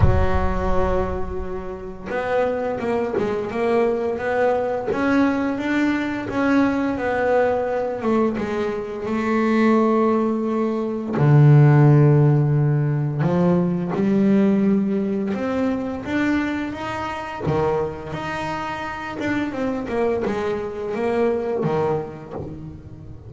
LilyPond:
\new Staff \with { instrumentName = "double bass" } { \time 4/4 \tempo 4 = 86 fis2. b4 | ais8 gis8 ais4 b4 cis'4 | d'4 cis'4 b4. a8 | gis4 a2. |
d2. f4 | g2 c'4 d'4 | dis'4 dis4 dis'4. d'8 | c'8 ais8 gis4 ais4 dis4 | }